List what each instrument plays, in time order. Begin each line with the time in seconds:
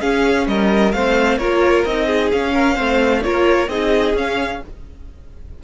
0.00 viola C#4, cello C#4, violin G#4 F5
0.47 cello G3, violin A#4 D#5
0.92 cello A3, viola C4, violin C5 F5
1.37 cello A#3, viola F4, violin A#4 C#5
1.85 cello C4, viola D#4, violin D#5
2.06 violin G#4
2.32 cello C#4, viola C#4, violin F5
2.53 violin A#4
2.75 cello A3, viola C4, violin C5
3.22 cello A#3, viola F4, violin A#4 C#5
3.68 cello C4, viola D#4, violin G#4 D#5
4.14 cello C#4, viola C#4, violin F5